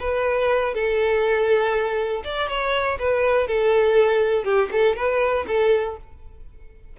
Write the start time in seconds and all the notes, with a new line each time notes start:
0.00 B4
0.75 A4
2.24 D5
2.49 C#5
2.99 B4
3.47 A4
4.44 G4
4.72 A4
4.96 B4
5.47 A4